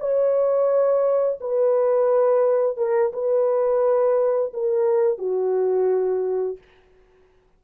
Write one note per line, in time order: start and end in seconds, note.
0.00 1.40 C#5
1.41 2.77 B4
2.77 3.12 A#4
3.14 4.53 B4
4.54 5.19 A#4
5.19 6.58 F#4